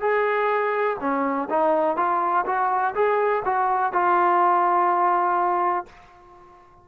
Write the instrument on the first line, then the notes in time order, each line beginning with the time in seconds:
trombone
0.00 G#4
1.00 C#4
1.49 D#4
1.96 F4
2.45 F#4
2.94 G#4
3.44 F#4
3.92 F4